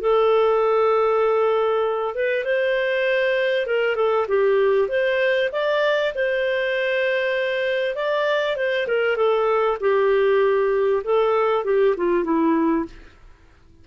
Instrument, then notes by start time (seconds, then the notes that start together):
clarinet
0.00 A4
2.14 B4
2.44 C5
3.66 A#4
3.95 A4
4.28 G4
4.88 C5
5.52 D5
6.14 C5
7.95 D5
8.56 C5
8.87 A#4
9.16 A4
9.80 G4
11.03 A4
11.64 G4
11.96 F4
12.24 E4